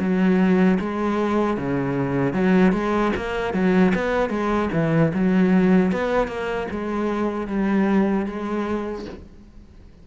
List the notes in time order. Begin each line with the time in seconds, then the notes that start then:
0.00 F#3
0.80 G#3
1.58 C#3
2.34 F#3
2.73 G#3
3.17 A#3
3.54 F#3
3.95 B3
4.30 G#3
4.73 E3
5.15 F#3
5.92 B3
6.28 A#3
6.71 G#3
7.47 G3
8.26 G#3